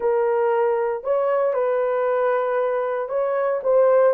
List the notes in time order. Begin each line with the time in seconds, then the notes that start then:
0.00 A#4
1.03 C#5
1.53 B4
3.08 C#5
3.63 C5